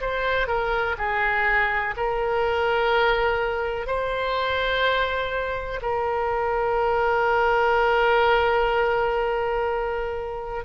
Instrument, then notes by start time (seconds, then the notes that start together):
oboe
0.00 C5
0.47 A#4
0.97 G#4
1.96 A#4
3.86 C5
5.81 A#4